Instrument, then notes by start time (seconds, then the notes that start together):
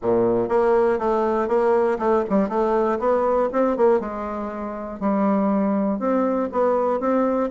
bassoon
0.02 A#2
0.48 A#3
0.98 A3
1.47 A#3
1.98 A3
2.29 G3
2.49 A3
2.99 B3
3.52 C4
3.76 A#3
4.00 G#3
5.00 G3
5.99 C4
6.52 B3
7.00 C4